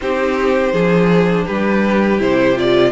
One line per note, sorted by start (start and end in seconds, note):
0.01 0.73 C4
0.01 0.73 D#4
0.01 0.72 G4
0.01 1.46 C5
0.72 1.46 F3
0.72 2.19 D4
0.72 1.45 G#4
1.45 2.20 G3
1.45 2.91 G4
1.45 2.20 B4
2.19 2.92 C3
2.19 2.55 E4
2.19 2.58 C5
2.55 2.91 F4
2.55 2.92 D5